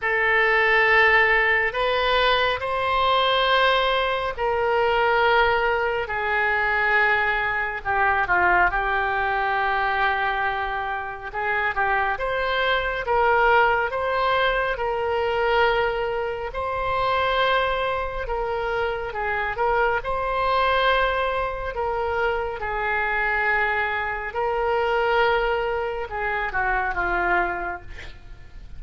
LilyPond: \new Staff \with { instrumentName = "oboe" } { \time 4/4 \tempo 4 = 69 a'2 b'4 c''4~ | c''4 ais'2 gis'4~ | gis'4 g'8 f'8 g'2~ | g'4 gis'8 g'8 c''4 ais'4 |
c''4 ais'2 c''4~ | c''4 ais'4 gis'8 ais'8 c''4~ | c''4 ais'4 gis'2 | ais'2 gis'8 fis'8 f'4 | }